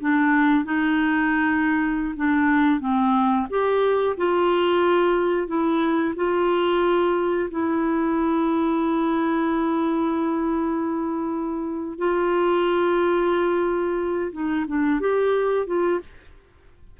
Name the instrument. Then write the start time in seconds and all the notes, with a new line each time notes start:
clarinet
0.00 D4
0.65 D#4
2.16 D4
2.80 C4
3.49 G4
4.17 F4
5.47 E4
6.16 F4
7.50 E4
11.98 F4
14.32 D#4
14.67 D4
15.00 G4
15.66 F4